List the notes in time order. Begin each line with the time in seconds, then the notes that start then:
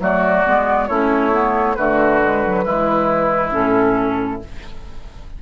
0.00 F#3 A3 F#4 D5
0.46 G#3 B3
0.88 A3 C#4 E4 C#5
1.32 B3
1.75 D3 A3 F#4 B4
2.23 G#3
2.46 F#3
2.65 E3 G#3 E4
3.52 A2 C#4 A4